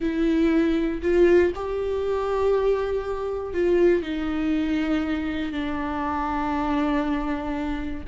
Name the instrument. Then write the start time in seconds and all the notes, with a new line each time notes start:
viola
0.00 E4
1.02 F4
1.55 G4
3.53 F4
4.02 D#4
5.52 D4